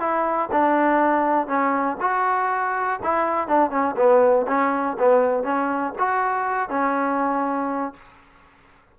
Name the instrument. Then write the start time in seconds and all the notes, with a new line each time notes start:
trombone
0.00 E4
0.52 D4
1.48 C#4
2.01 F#4
3.03 E4
3.48 D4
3.71 C#4
3.97 B3
4.48 C#4
4.99 B3
5.44 C#4
5.99 F#4
6.70 C#4